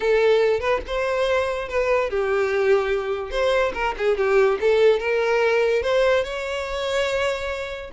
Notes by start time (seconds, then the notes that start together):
0.00 A4
0.59 B4
0.86 C5
1.68 B4
2.09 G4
3.30 C5
3.73 A#4
3.97 G#4
4.17 G4
4.60 A4
4.99 A#4
5.82 C5
6.24 C#5